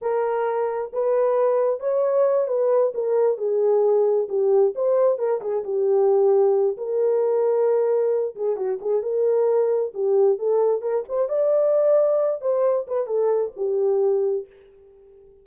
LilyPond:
\new Staff \with { instrumentName = "horn" } { \time 4/4 \tempo 4 = 133 ais'2 b'2 | cis''4. b'4 ais'4 gis'8~ | gis'4. g'4 c''4 ais'8 | gis'8 g'2~ g'8 ais'4~ |
ais'2~ ais'8 gis'8 fis'8 gis'8 | ais'2 g'4 a'4 | ais'8 c''8 d''2~ d''8 c''8~ | c''8 b'8 a'4 g'2 | }